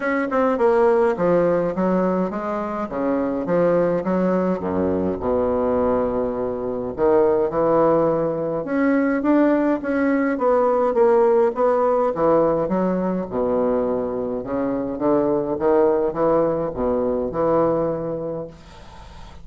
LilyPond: \new Staff \with { instrumentName = "bassoon" } { \time 4/4 \tempo 4 = 104 cis'8 c'8 ais4 f4 fis4 | gis4 cis4 f4 fis4 | fis,4 b,2. | dis4 e2 cis'4 |
d'4 cis'4 b4 ais4 | b4 e4 fis4 b,4~ | b,4 cis4 d4 dis4 | e4 b,4 e2 | }